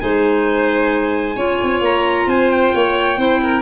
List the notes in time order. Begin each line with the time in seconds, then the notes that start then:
0.00 G#3 D#4 C5 G#5
1.36 C#4 F4 C#5
1.63 C4
1.81 A#3 A#5
2.26 C4 C5 G#5
2.51 G5
2.74 A#3 C#5
3.17 C4 E4 C5
3.42 A#4